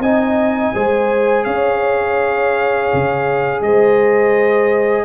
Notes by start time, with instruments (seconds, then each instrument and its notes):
0.00 tuba C4, trombone D#4, horn D#5, trumpet G#5
0.75 tuba G#3, trombone G#4, horn C5
1.45 tuba C#4, horn C#5, trumpet F5
2.94 tuba C#3
3.62 tuba G#3, horn C5, trumpet D#5